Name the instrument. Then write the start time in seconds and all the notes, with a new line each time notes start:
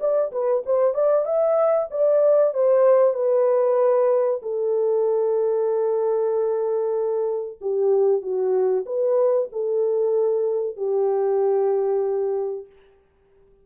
horn
0.00 D5
0.32 B4
0.66 C5
0.94 D5
1.25 E5
1.91 D5
2.54 C5
3.14 B4
4.42 A4
7.61 G4
8.22 F#4
8.86 B4
9.53 A4
10.77 G4